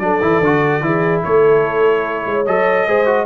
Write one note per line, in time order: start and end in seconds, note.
0.00 0.20 F#3
0.00 0.22 D4
0.00 0.85 A4
0.00 1.22 D5
0.22 0.41 E3
0.22 0.42 E4
0.41 0.81 D3
0.41 0.83 F#4
0.81 1.22 E3
0.81 2.46 E4
0.81 1.25 G#4
1.24 2.27 A3
1.24 2.27 A4
1.24 2.46 C#5
2.27 2.47 G#3
2.27 2.87 C#5
2.46 2.88 F#3
2.46 2.88 A4
2.46 3.26 D#5
2.87 3.26 G#3
2.87 3.06 G#4
2.87 3.26 C5
3.06 3.26 F#4